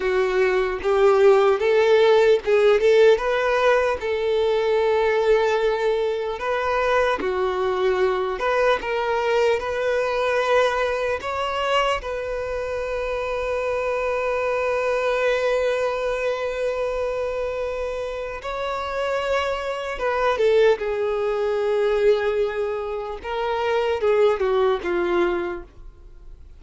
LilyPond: \new Staff \with { instrumentName = "violin" } { \time 4/4 \tempo 4 = 75 fis'4 g'4 a'4 gis'8 a'8 | b'4 a'2. | b'4 fis'4. b'8 ais'4 | b'2 cis''4 b'4~ |
b'1~ | b'2. cis''4~ | cis''4 b'8 a'8 gis'2~ | gis'4 ais'4 gis'8 fis'8 f'4 | }